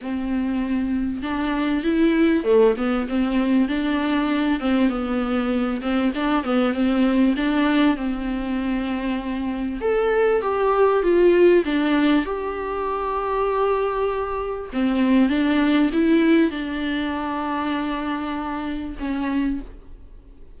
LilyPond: \new Staff \with { instrumentName = "viola" } { \time 4/4 \tempo 4 = 98 c'2 d'4 e'4 | a8 b8 c'4 d'4. c'8 | b4. c'8 d'8 b8 c'4 | d'4 c'2. |
a'4 g'4 f'4 d'4 | g'1 | c'4 d'4 e'4 d'4~ | d'2. cis'4 | }